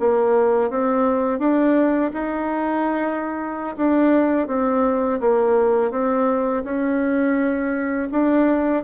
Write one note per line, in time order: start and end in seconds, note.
0.00 0.70 A#3
0.70 1.39 C4
1.39 2.11 D4
2.13 3.76 D#4
3.77 4.48 D4
4.48 5.20 C4
5.20 5.91 A#3
5.91 6.63 C4
6.64 8.09 C#4
8.11 8.84 D4